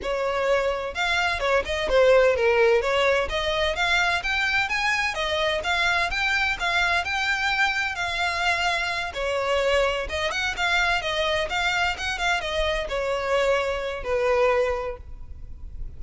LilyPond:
\new Staff \with { instrumentName = "violin" } { \time 4/4 \tempo 4 = 128 cis''2 f''4 cis''8 dis''8 | c''4 ais'4 cis''4 dis''4 | f''4 g''4 gis''4 dis''4 | f''4 g''4 f''4 g''4~ |
g''4 f''2~ f''8 cis''8~ | cis''4. dis''8 fis''8 f''4 dis''8~ | dis''8 f''4 fis''8 f''8 dis''4 cis''8~ | cis''2 b'2 | }